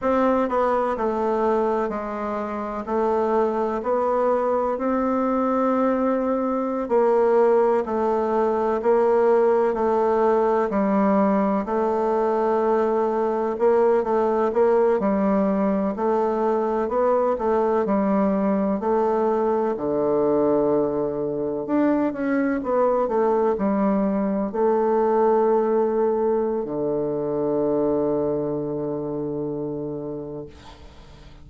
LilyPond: \new Staff \with { instrumentName = "bassoon" } { \time 4/4 \tempo 4 = 63 c'8 b8 a4 gis4 a4 | b4 c'2~ c'16 ais8.~ | ais16 a4 ais4 a4 g8.~ | g16 a2 ais8 a8 ais8 g16~ |
g8. a4 b8 a8 g4 a16~ | a8. d2 d'8 cis'8 b16~ | b16 a8 g4 a2~ a16 | d1 | }